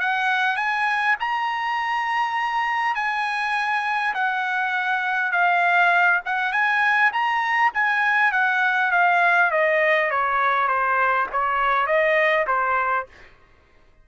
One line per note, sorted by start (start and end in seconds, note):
0.00 0.56 F#5
0.56 1.16 G#5
1.20 2.95 A#5
2.95 4.14 G#5
4.14 5.32 F#5
5.32 6.21 F5
6.25 6.52 F#5
6.52 7.12 G#5
7.12 7.72 A#5
7.74 8.32 G#5
8.32 8.91 F#5
8.92 9.51 F5
9.51 10.10 D#5
10.11 10.68 C#5
10.68 11.27 C5
11.32 11.86 C#5
11.86 12.46 D#5
12.47 13.06 C5